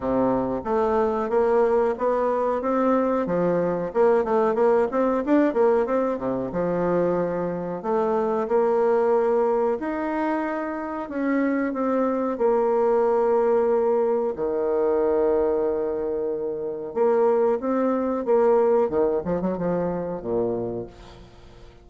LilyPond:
\new Staff \with { instrumentName = "bassoon" } { \time 4/4 \tempo 4 = 92 c4 a4 ais4 b4 | c'4 f4 ais8 a8 ais8 c'8 | d'8 ais8 c'8 c8 f2 | a4 ais2 dis'4~ |
dis'4 cis'4 c'4 ais4~ | ais2 dis2~ | dis2 ais4 c'4 | ais4 dis8 f16 fis16 f4 ais,4 | }